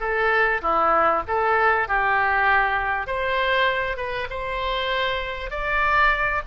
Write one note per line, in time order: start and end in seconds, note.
0.00 0.61 A4
0.62 1.23 E4
1.27 1.88 A4
1.88 3.07 G4
3.07 3.97 C5
3.97 4.27 B4
4.30 5.50 C5
5.50 6.42 D5